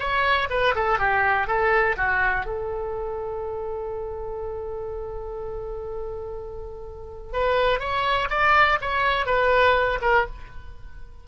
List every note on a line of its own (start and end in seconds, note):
0.00 0.49 C#5
0.50 0.75 B4
0.75 0.99 A4
0.99 1.48 G4
1.48 1.96 A4
1.97 2.46 F#4
2.46 7.33 A4
7.33 7.80 B4
7.80 8.29 C#5
8.31 8.79 D5
8.82 9.27 C#5
9.27 10.00 B4
10.02 10.27 A#4